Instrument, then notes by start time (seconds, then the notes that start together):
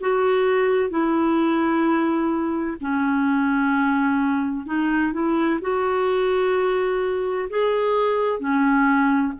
clarinet
0.00 F#4
0.90 E4
2.80 C#4
4.65 D#4
5.13 E4
5.61 F#4
7.49 G#4
8.39 C#4